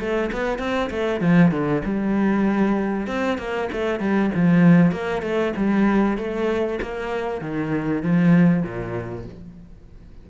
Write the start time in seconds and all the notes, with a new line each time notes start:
0.00 A3
0.32 B3
0.59 C4
0.91 A3
1.21 F3
1.52 D3
1.85 G3
3.07 C4
3.39 A#3
3.72 A3
4.00 G3
4.35 F3
4.92 A#3
5.22 A3
5.57 G3
6.18 A3
6.82 A#3
7.41 D#3
8.03 F3
8.63 A#2